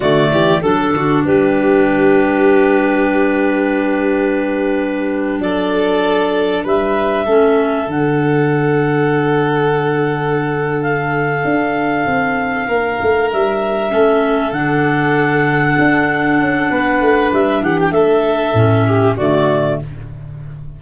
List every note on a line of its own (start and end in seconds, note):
0.00 0.31 D3
0.00 0.61 A3
0.00 0.29 F#4
0.00 0.61 D5
0.31 0.62 E3
0.31 0.62 G4
0.61 0.93 F#3
0.61 7.27 D4
0.61 1.23 A4
0.61 0.93 A4
0.93 1.24 D3
0.93 1.26 F#4
1.24 5.39 G3
1.24 5.41 G4
1.24 5.40 B4
5.39 6.63 F#3
5.39 6.64 A4
5.39 6.64 D5
6.64 7.26 G3
6.64 7.25 B4
6.64 7.90 E5
7.25 7.87 A3
7.25 7.86 C#4
7.25 12.66 A4
7.86 11.43 D3
7.86 13.89 D4
7.86 10.82 F#5
10.82 13.30 F5
11.44 12.06 D4
12.06 12.67 C4
12.67 12.98 A#3
12.67 13.91 A#4
13.02 13.32 A3
13.32 13.92 G3
13.32 14.52 E5
13.89 14.51 A3
13.89 14.51 C#4
13.89 16.70 A4
14.51 15.75 D3
14.51 18.55 D4
14.51 17.30 F#5
15.78 16.39 D4
16.39 16.70 C#4
16.70 17.00 B3
16.70 17.62 B4
17.00 17.31 A3
17.32 17.61 G3
17.32 17.63 E5
17.61 17.91 E3
17.61 17.93 G4
17.61 17.78 F#5
17.80 17.91 G5
17.91 18.52 A3
17.91 18.87 A4
17.91 19.15 E5
18.53 19.15 A2
18.53 19.16 C#4
18.87 19.17 G4
19.17 19.81 D3
19.17 19.82 A3
19.17 19.79 F#4
19.17 19.78 D5